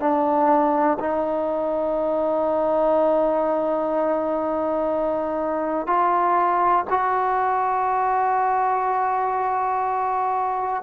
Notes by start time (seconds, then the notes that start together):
0.00 D4
1.00 D#4
5.87 F4
6.91 F#4